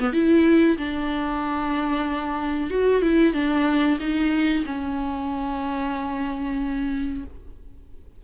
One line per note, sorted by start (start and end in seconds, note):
0.00 0.13 B3
0.13 0.78 E4
0.78 2.71 D4
2.71 3.02 F#4
3.02 3.34 E4
3.34 3.99 D4
4.01 4.65 D#4
4.66 7.24 C#4